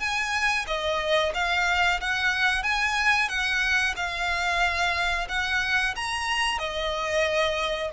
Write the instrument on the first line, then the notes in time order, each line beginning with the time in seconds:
violin
0.00 G#5
0.67 D#5
1.34 F5
2.01 F#5
2.63 G#5
3.29 F#5
3.97 F5
5.29 F#5
5.96 A#5
6.59 D#5